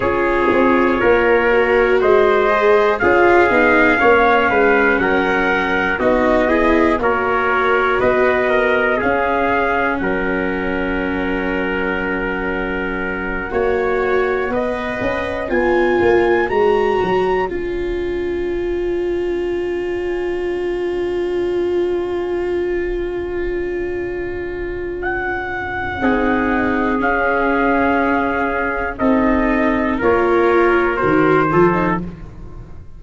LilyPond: <<
  \new Staff \with { instrumentName = "trumpet" } { \time 4/4 \tempo 4 = 60 cis''2 dis''4 f''4~ | f''4 fis''4 dis''4 cis''4 | dis''4 f''4 fis''2~ | fis''2.~ fis''8 gis''8~ |
gis''8 ais''4 gis''2~ gis''8~ | gis''1~ | gis''4 fis''2 f''4~ | f''4 dis''4 cis''4 c''4 | }
  \new Staff \with { instrumentName = "trumpet" } { \time 4/4 gis'4 ais'4 c''4 gis'4 | cis''8 b'8 ais'4 fis'8 gis'8 ais'4 | b'8 ais'8 gis'4 ais'2~ | ais'4. cis''4 dis''4 cis''8~ |
cis''1~ | cis''1~ | cis''2 gis'2~ | gis'4 a'4 ais'4. a'8 | }
  \new Staff \with { instrumentName = "viola" } { \time 4/4 f'4. fis'4 gis'8 f'8 dis'8 | cis'2 dis'8 e'8 fis'4~ | fis'4 cis'2.~ | cis'4. fis'4 b'4 f'8~ |
f'8 fis'4 f'2~ f'8~ | f'1~ | f'2 dis'4 cis'4~ | cis'4 dis'4 f'4 fis'8 f'16 dis'16 | }
  \new Staff \with { instrumentName = "tuba" } { \time 4/4 cis'8 c'8 ais4 gis4 cis'8 b8 | ais8 gis8 fis4 b4 ais4 | b4 cis'4 fis2~ | fis4. ais4 b8 cis'8 b8 |
ais8 gis8 fis8 cis'2~ cis'8~ | cis'1~ | cis'2 c'4 cis'4~ | cis'4 c'4 ais4 dis8 f8 | }
>>